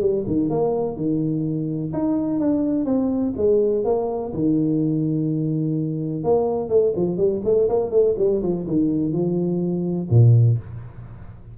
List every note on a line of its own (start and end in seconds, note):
0.00 0.24 G3
0.26 0.49 D#3
0.49 0.96 A#3
0.96 1.92 D#3
1.93 2.39 D#4
2.39 2.85 D4
2.85 3.33 C4
3.36 3.84 G#3
3.84 4.32 A#3
4.33 6.23 D#3
6.23 6.69 A#3
6.69 6.93 A3
6.96 7.17 F3
7.17 7.41 G3
7.44 7.68 A3
7.68 7.91 A#3
7.91 8.15 A3
8.18 8.42 G3
8.42 8.66 F3
8.66 9.12 D#3
9.12 10.08 F3
10.10 10.58 A#2